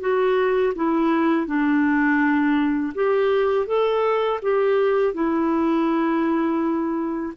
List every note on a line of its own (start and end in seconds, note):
0.00 0.73 F#4
0.75 1.46 E4
1.46 2.92 D4
2.94 3.66 G4
3.66 4.39 A4
4.42 5.14 G4
5.14 7.33 E4